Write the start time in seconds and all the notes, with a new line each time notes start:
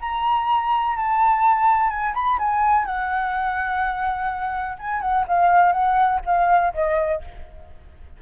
0.00 A#5
0.96 A5
1.90 G#5
2.14 B5
2.38 G#5
2.85 F#5
4.78 G#5
5.01 F#5
5.28 F5
5.72 F#5
6.25 F5
6.74 D#5